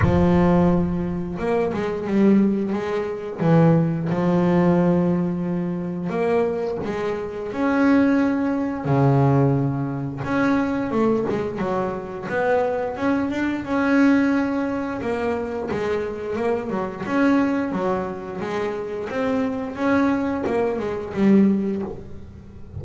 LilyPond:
\new Staff \with { instrumentName = "double bass" } { \time 4/4 \tempo 4 = 88 f2 ais8 gis8 g4 | gis4 e4 f2~ | f4 ais4 gis4 cis'4~ | cis'4 cis2 cis'4 |
a8 gis8 fis4 b4 cis'8 d'8 | cis'2 ais4 gis4 | ais8 fis8 cis'4 fis4 gis4 | c'4 cis'4 ais8 gis8 g4 | }